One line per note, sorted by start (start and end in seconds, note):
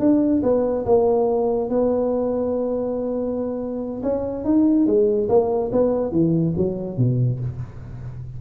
0.00 0.42 D4
0.43 0.85 B3
0.86 1.70 A#3
1.70 4.02 B3
4.03 4.45 C#4
4.45 4.86 D#4
4.86 5.29 G#3
5.29 5.71 A#3
5.72 6.12 B3
6.12 6.54 E3
6.57 6.97 F#3
6.97 7.40 B2